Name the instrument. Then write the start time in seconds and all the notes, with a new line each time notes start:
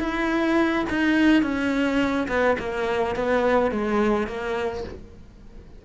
cello
0.00 E4
0.90 D#4
1.42 C#4
2.28 B3
2.59 A#3
3.15 B3
3.71 G#3
4.27 A#3